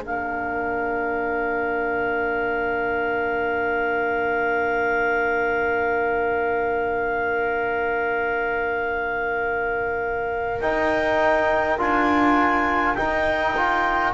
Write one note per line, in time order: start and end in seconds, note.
0.00 10.59 A#3
0.00 10.59 D4
0.00 14.13 A#4
0.00 10.60 F5
10.60 11.78 D#4
10.60 11.78 G5
11.78 12.96 D4
11.78 12.96 F4
11.78 12.94 G#5
12.94 13.55 D#4
12.94 14.13 D#4
12.94 14.12 G5
13.56 14.13 F4